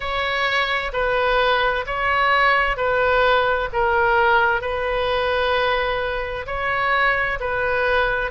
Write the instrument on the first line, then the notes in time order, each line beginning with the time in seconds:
oboe
0.00 C#5
0.92 B4
1.86 C#5
2.77 B4
3.73 A#4
4.61 B4
6.46 C#5
7.39 B4